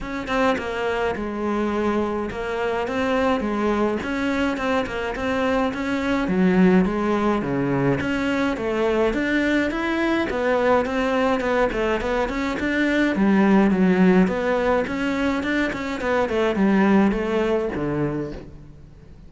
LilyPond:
\new Staff \with { instrumentName = "cello" } { \time 4/4 \tempo 4 = 105 cis'8 c'8 ais4 gis2 | ais4 c'4 gis4 cis'4 | c'8 ais8 c'4 cis'4 fis4 | gis4 cis4 cis'4 a4 |
d'4 e'4 b4 c'4 | b8 a8 b8 cis'8 d'4 g4 | fis4 b4 cis'4 d'8 cis'8 | b8 a8 g4 a4 d4 | }